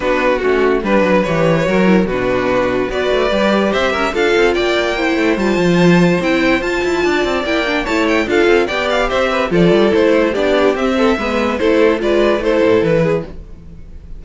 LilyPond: <<
  \new Staff \with { instrumentName = "violin" } { \time 4/4 \tempo 4 = 145 b'4 fis'4 b'4 cis''4~ | cis''4 b'2 d''4~ | d''4 e''4 f''4 g''4~ | g''4 a''2 g''4 |
a''2 g''4 a''8 g''8 | f''4 g''8 f''8 e''4 d''4 | c''4 d''4 e''2 | c''4 d''4 c''4 b'4 | }
  \new Staff \with { instrumentName = "violin" } { \time 4/4 fis'2 b'2 | ais'4 fis'2 b'4~ | b'4 c''8 ais'8 a'4 d''4 | c''1~ |
c''4 d''2 cis''4 | a'4 d''4 c''8 b'8 a'4~ | a'4 g'4. a'8 b'4 | a'4 b'4 a'4. gis'8 | }
  \new Staff \with { instrumentName = "viola" } { \time 4/4 d'4 cis'4 d'4 g'4 | fis'8 e'8 d'2 fis'4 | g'2 f'2 | e'4 f'2 e'4 |
f'2 e'8 d'8 e'4 | f'4 g'2 f'4 | e'4 d'4 c'4 b4 | e'4 f'4 e'2 | }
  \new Staff \with { instrumentName = "cello" } { \time 4/4 b4 a4 g8 fis8 e4 | fis4 b,2 b8 a8 | g4 c'8 cis'8 d'8 c'8 ais4~ | ais8 a8 g8 f4. c'4 |
f'8 e'8 d'8 c'8 ais4 a4 | d'8 c'8 b4 c'4 f8 g8 | a4 b4 c'4 gis4 | a4 gis4 a8 a,8 e4 | }
>>